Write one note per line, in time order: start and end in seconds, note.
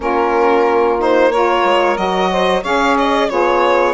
0.00 1.63 A#3
0.00 0.98 C#4
0.00 1.31 F4
0.00 1.00 A#4
0.98 1.31 D#4
0.98 1.31 C5
1.31 1.95 F4
1.31 2.30 A#4
1.31 1.97 C#5
1.64 1.97 G#3
1.95 2.63 F#3
1.95 2.61 F#4
1.95 2.63 D#5
2.31 2.62 C5
2.62 3.29 C#4
2.62 3.29 G#4
2.62 3.27 C#5
2.62 2.97 F5
2.98 3.29 D#5
3.29 3.93 B3
3.29 3.93 F4
3.29 3.93 G#4
3.29 3.93 C#5